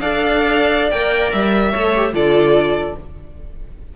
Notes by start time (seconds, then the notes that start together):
0.00 D4 A4 D5 F5
0.91 A#3 A#4 G5
1.32 G3 E5
1.71 A3 A4 C#5
1.96 G4
2.14 D3 F4 A4 D5